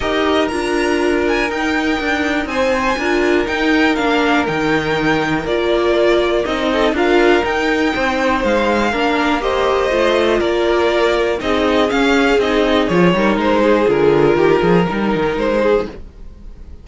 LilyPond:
<<
  \new Staff \with { instrumentName = "violin" } { \time 4/4 \tempo 4 = 121 dis''4 ais''4. gis''8 g''4~ | g''4 gis''2 g''4 | f''4 g''2 d''4~ | d''4 dis''4 f''4 g''4~ |
g''4 f''2 dis''4~ | dis''4 d''2 dis''4 | f''4 dis''4 cis''4 c''4 | ais'2. c''4 | }
  \new Staff \with { instrumentName = "violin" } { \time 4/4 ais'1~ | ais'4 c''4 ais'2~ | ais'1~ | ais'4. a'8 ais'2 |
c''2 ais'4 c''4~ | c''4 ais'2 gis'4~ | gis'2~ gis'8 ais'4 gis'8~ | gis'4 g'8 gis'8 ais'4. gis'8 | }
  \new Staff \with { instrumentName = "viola" } { \time 4/4 g'4 f'2 dis'4~ | dis'2 f'4 dis'4 | d'4 dis'2 f'4~ | f'4 dis'4 f'4 dis'4~ |
dis'2 d'4 g'4 | f'2. dis'4 | cis'4 dis'4 f'8 dis'4. | f'2 dis'2 | }
  \new Staff \with { instrumentName = "cello" } { \time 4/4 dis'4 d'2 dis'4 | d'4 c'4 d'4 dis'4 | ais4 dis2 ais4~ | ais4 c'4 d'4 dis'4 |
c'4 gis4 ais2 | a4 ais2 c'4 | cis'4 c'4 f8 g8 gis4 | d4 dis8 f8 g8 dis8 gis4 | }
>>